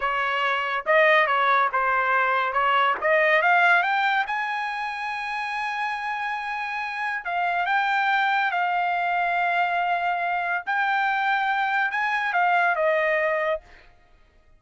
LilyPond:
\new Staff \with { instrumentName = "trumpet" } { \time 4/4 \tempo 4 = 141 cis''2 dis''4 cis''4 | c''2 cis''4 dis''4 | f''4 g''4 gis''2~ | gis''1~ |
gis''4 f''4 g''2 | f''1~ | f''4 g''2. | gis''4 f''4 dis''2 | }